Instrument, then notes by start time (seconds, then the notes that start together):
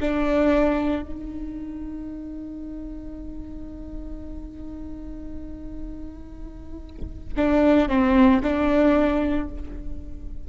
viola
0.00 D4
1.02 D#4
7.36 D4
7.89 C4
8.43 D4